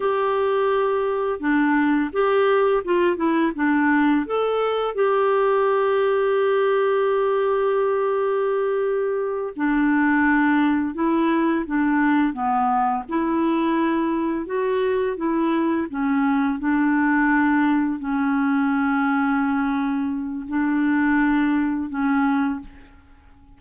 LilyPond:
\new Staff \with { instrumentName = "clarinet" } { \time 4/4 \tempo 4 = 85 g'2 d'4 g'4 | f'8 e'8 d'4 a'4 g'4~ | g'1~ | g'4. d'2 e'8~ |
e'8 d'4 b4 e'4.~ | e'8 fis'4 e'4 cis'4 d'8~ | d'4. cis'2~ cis'8~ | cis'4 d'2 cis'4 | }